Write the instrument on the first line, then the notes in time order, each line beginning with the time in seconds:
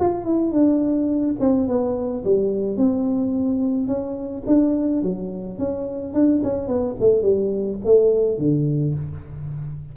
tuba
0.00 F4
0.25 E4
0.52 D4
1.40 C4
1.68 B3
2.25 G3
2.77 C4
3.88 C#4
4.47 D4
5.03 F#3
5.59 C#4
6.14 D4
6.44 C#4
6.68 B3
7.00 A3
7.23 G3
7.85 A3
8.38 D3